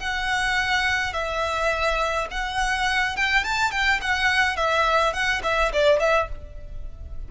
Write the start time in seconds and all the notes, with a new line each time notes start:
0.00 F#5
1.14 E5
2.31 F#5
3.17 G5
3.44 A5
3.72 G5
4.02 F#5
4.57 E5
5.14 F#5
5.44 E5
5.73 D5
6.00 E5